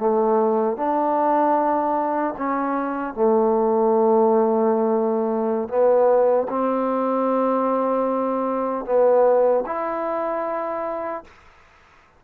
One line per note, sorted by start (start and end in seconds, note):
0.00 0.77 A3
0.77 2.35 D4
2.38 3.14 C#4
3.14 5.69 A3
5.69 6.48 B3
6.49 8.86 C4
8.86 9.65 B3
9.67 11.25 E4